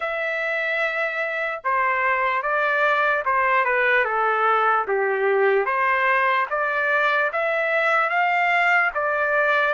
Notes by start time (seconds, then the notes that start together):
0.00 E5
1.64 C5
2.42 D5
3.25 C5
3.64 B4
4.05 A4
4.87 G4
5.65 C5
6.50 D5
7.32 E5
8.09 F5
8.94 D5